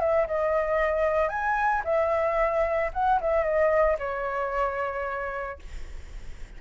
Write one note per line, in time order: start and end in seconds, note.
0.00 0.27 E5
0.27 1.29 D#5
1.29 1.82 G#5
1.84 2.91 E5
2.93 3.20 F#5
3.21 3.44 E5
3.44 3.97 D#5
3.99 5.60 C#5